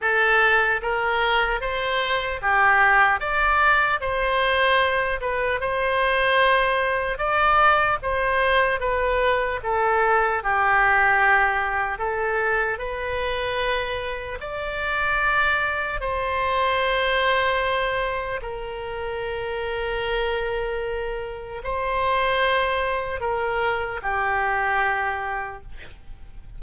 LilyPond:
\new Staff \with { instrumentName = "oboe" } { \time 4/4 \tempo 4 = 75 a'4 ais'4 c''4 g'4 | d''4 c''4. b'8 c''4~ | c''4 d''4 c''4 b'4 | a'4 g'2 a'4 |
b'2 d''2 | c''2. ais'4~ | ais'2. c''4~ | c''4 ais'4 g'2 | }